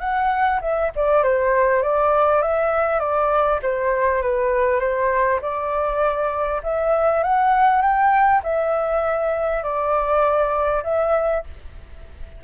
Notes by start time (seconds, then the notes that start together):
0.00 F#5
0.61 E5
0.96 D5
1.23 C5
1.82 D5
2.42 E5
3.00 D5
3.62 C5
4.22 B4
4.79 C5
5.42 D5
6.63 E5
7.23 F#5
7.82 G5
8.44 E5
9.63 D5
10.84 E5